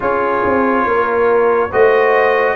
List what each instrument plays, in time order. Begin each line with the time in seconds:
0.00 tuba C#4, trombone F4, horn G#4, trumpet C#5
0.44 tuba C4
0.85 tuba A#3, horn A#4
1.70 tuba A3, trombone F#4, horn C5, trumpet D#5